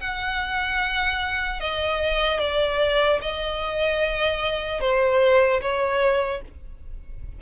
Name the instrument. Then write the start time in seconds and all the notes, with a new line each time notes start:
violin
0.00 F#5
1.60 D#5
2.40 D5
3.21 D#5
4.80 C5
5.61 C#5